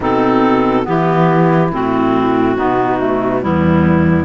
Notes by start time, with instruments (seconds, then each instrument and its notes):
0.00 cello B2, clarinet C4 A4, saxophone D#4
0.83 cello E3, clarinet B3 G4, saxophone E4
1.71 cello A2, clarinet C4 F#4
2.55 cello B2, clarinet B3, saxophone D#4
2.99 clarinet A3
3.41 cello E2, clarinet G3 E4, saxophone B3